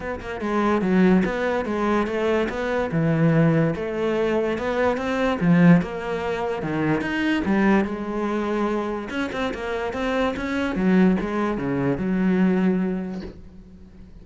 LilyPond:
\new Staff \with { instrumentName = "cello" } { \time 4/4 \tempo 4 = 145 b8 ais8 gis4 fis4 b4 | gis4 a4 b4 e4~ | e4 a2 b4 | c'4 f4 ais2 |
dis4 dis'4 g4 gis4~ | gis2 cis'8 c'8 ais4 | c'4 cis'4 fis4 gis4 | cis4 fis2. | }